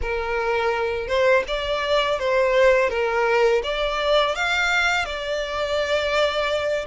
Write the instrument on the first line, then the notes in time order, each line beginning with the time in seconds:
violin
0.01 A#4
1.07 C5
1.47 D5
2.19 C5
2.89 A#4
3.63 D5
4.35 F5
5.05 D5